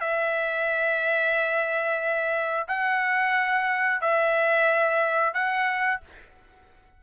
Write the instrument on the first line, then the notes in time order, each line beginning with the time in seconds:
trumpet
0.00 E5
2.68 F#5
4.01 E5
5.34 F#5